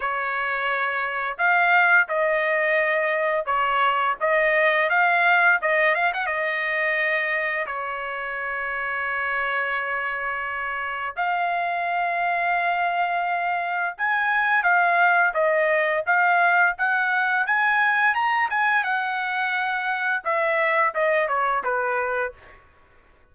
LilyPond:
\new Staff \with { instrumentName = "trumpet" } { \time 4/4 \tempo 4 = 86 cis''2 f''4 dis''4~ | dis''4 cis''4 dis''4 f''4 | dis''8 f''16 fis''16 dis''2 cis''4~ | cis''1 |
f''1 | gis''4 f''4 dis''4 f''4 | fis''4 gis''4 ais''8 gis''8 fis''4~ | fis''4 e''4 dis''8 cis''8 b'4 | }